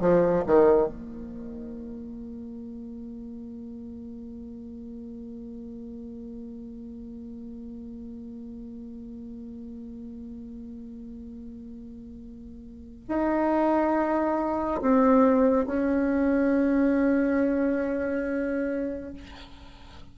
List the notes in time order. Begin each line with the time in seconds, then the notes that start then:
0.00 F3
0.46 D#3
0.87 A#3
13.08 D#4
14.81 C4
15.66 C#4